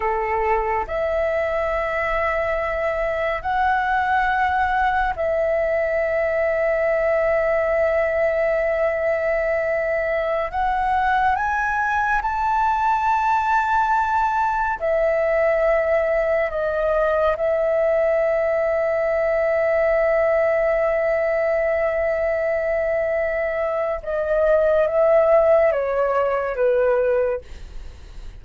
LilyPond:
\new Staff \with { instrumentName = "flute" } { \time 4/4 \tempo 4 = 70 a'4 e''2. | fis''2 e''2~ | e''1~ | e''16 fis''4 gis''4 a''4.~ a''16~ |
a''4~ a''16 e''2 dis''8.~ | dis''16 e''2.~ e''8.~ | e''1 | dis''4 e''4 cis''4 b'4 | }